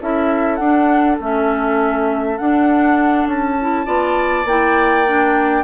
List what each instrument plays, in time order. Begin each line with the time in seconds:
0.00 bassoon C#4, clarinet E4, oboe A4, flute E5
0.56 bassoon D4, flute F#5
0.63 clarinet D4
1.20 bassoon A3, clarinet C#4, flute E5
2.37 clarinet D4, bassoon D4, flute F#5
3.26 bassoon C#4, flute A5
3.60 clarinet E4
3.85 bassoon B3, clarinet F4, oboe D5
4.45 bassoon A#3, clarinet E4, flute G5
5.06 clarinet D4